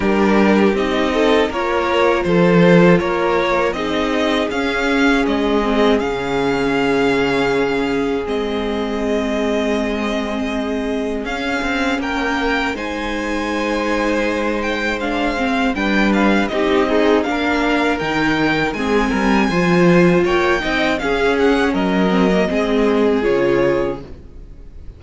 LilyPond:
<<
  \new Staff \with { instrumentName = "violin" } { \time 4/4 \tempo 4 = 80 ais'4 dis''4 cis''4 c''4 | cis''4 dis''4 f''4 dis''4 | f''2. dis''4~ | dis''2. f''4 |
g''4 gis''2~ gis''8 g''8 | f''4 g''8 f''8 dis''4 f''4 | g''4 gis''2 g''4 | f''8 fis''8 dis''2 cis''4 | }
  \new Staff \with { instrumentName = "violin" } { \time 4/4 g'4. a'8 ais'4 a'4 | ais'4 gis'2.~ | gis'1~ | gis'1 |
ais'4 c''2.~ | c''4 b'4 g'8 dis'8 ais'4~ | ais'4 gis'8 ais'8 c''4 cis''8 dis''8 | gis'4 ais'4 gis'2 | }
  \new Staff \with { instrumentName = "viola" } { \time 4/4 d'4 dis'4 f'2~ | f'4 dis'4 cis'4. c'8 | cis'2. c'4~ | c'2. cis'4~ |
cis'4 dis'2. | d'8 c'8 d'4 dis'8 gis'8 d'4 | dis'4 c'4 f'4. dis'8 | cis'4. c'16 ais16 c'4 f'4 | }
  \new Staff \with { instrumentName = "cello" } { \time 4/4 g4 c'4 ais4 f4 | ais4 c'4 cis'4 gis4 | cis2. gis4~ | gis2. cis'8 c'8 |
ais4 gis2.~ | gis4 g4 c'4 ais4 | dis4 gis8 g8 f4 ais8 c'8 | cis'4 fis4 gis4 cis4 | }
>>